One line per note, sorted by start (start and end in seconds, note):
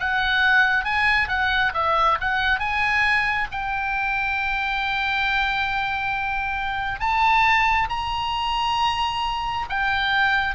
0.00 0.85 F#5
0.85 1.29 G#5
1.29 1.73 F#5
1.74 2.18 E5
2.21 2.59 F#5
2.59 3.48 G#5
3.52 7.00 G5
7.00 7.89 A5
7.90 9.66 A#5
9.70 10.55 G5